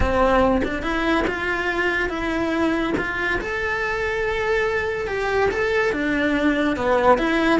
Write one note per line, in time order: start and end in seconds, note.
0.00 0.62 C4
0.63 0.82 D4
0.82 1.24 E4
1.27 2.09 F4
2.09 2.93 E4
2.97 3.39 F4
3.40 5.07 A4
5.07 5.49 G4
5.50 5.92 A4
5.92 6.76 D4
6.76 7.18 B3
7.18 7.59 E4